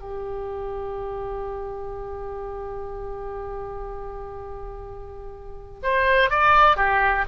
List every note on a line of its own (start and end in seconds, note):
0.00 5.81 G4
5.83 6.30 C5
6.30 6.77 D5
6.77 7.25 G4